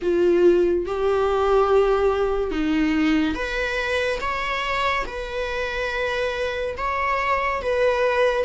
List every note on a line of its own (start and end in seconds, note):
0.02 0.86 F4
0.86 2.51 G4
2.51 3.34 D#4
3.34 4.19 B4
4.20 5.05 C#5
5.06 6.75 B4
6.77 7.61 C#5
7.62 8.44 B4